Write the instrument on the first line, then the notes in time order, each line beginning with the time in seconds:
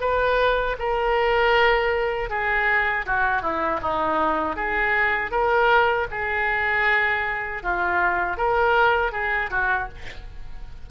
oboe
0.00 B4
0.78 A#4
2.29 G#4
3.06 F#4
3.41 E4
3.81 D#4
4.56 G#4
5.31 A#4
6.11 G#4
7.63 F4
8.36 A#4
9.12 G#4
9.50 F#4